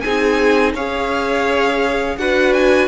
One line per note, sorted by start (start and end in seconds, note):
0.00 0.74 C4
0.00 0.77 D#4
0.00 0.73 G#4
0.00 0.71 G#5
0.73 2.17 C#4
0.73 2.18 G#4
0.73 2.16 C#5
0.73 2.18 F5
2.17 2.87 D4
2.17 2.87 F#4
2.17 2.87 B4
2.17 2.53 F#5
2.53 2.87 G#5